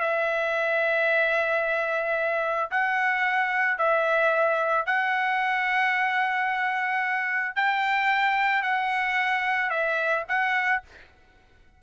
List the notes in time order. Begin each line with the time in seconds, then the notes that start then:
0.00 E5
2.71 F#5
3.78 E5
4.86 F#5
7.56 G5
8.62 F#5
9.70 E5
10.28 F#5